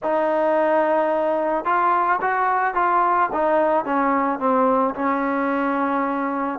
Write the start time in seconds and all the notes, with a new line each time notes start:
0.03 D#4
1.64 F4
2.21 F#4
2.74 F4
3.32 D#4
3.84 C#4
4.39 C4
4.94 C#4